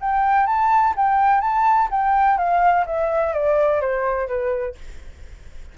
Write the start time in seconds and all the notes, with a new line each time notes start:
0.00 G5
0.46 A5
0.96 G5
1.41 A5
1.91 G5
2.38 F5
2.86 E5
3.33 D5
3.81 C5
4.27 B4